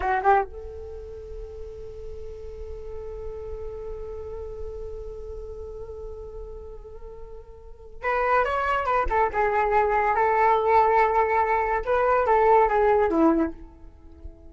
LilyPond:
\new Staff \with { instrumentName = "flute" } { \time 4/4 \tempo 4 = 142 fis'8 g'8 a'2.~ | a'1~ | a'1~ | a'1~ |
a'2. b'4 | cis''4 b'8 a'8 gis'2 | a'1 | b'4 a'4 gis'4 e'4 | }